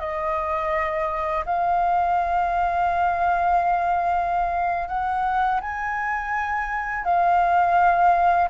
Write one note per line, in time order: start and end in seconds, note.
0.00 1.45 D#5
1.46 4.88 F5
4.88 5.61 F#5
5.61 7.04 G#5
7.04 8.49 F5